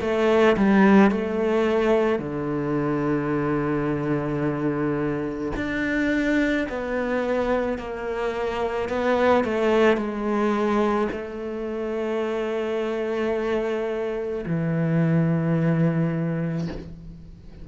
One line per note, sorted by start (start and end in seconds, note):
0.00 0.56 A3
0.57 1.11 G3
1.11 2.19 A3
2.19 5.52 D3
5.56 6.67 D4
6.69 7.78 B3
7.78 8.89 A#3
8.89 9.44 B3
9.44 9.96 A3
9.96 11.08 G#3
11.12 14.45 A3
14.45 16.68 E3